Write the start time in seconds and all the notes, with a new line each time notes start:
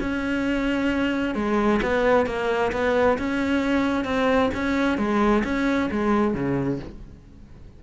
0.00 C#4
1.35 G#3
1.82 B3
2.26 A#3
2.72 B3
3.18 C#4
4.04 C4
4.54 C#4
4.98 G#3
5.44 C#4
5.91 G#3
6.34 C#3